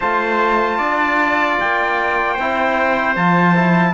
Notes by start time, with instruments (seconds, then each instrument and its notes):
0.00 cello A3, trombone F4, trumpet C5 A5
0.77 cello D4, trumpet D5
1.59 cello A#3, trumpet G5
2.33 cello C4, trumpet C5
2.40 trombone E4
3.16 cello F3, trombone F4, trumpet A5
3.55 trombone E4